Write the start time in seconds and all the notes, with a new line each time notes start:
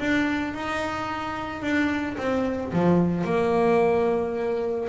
0.00 D4
0.54 D#4
1.62 D4
2.18 C4
2.73 F3
3.25 A#3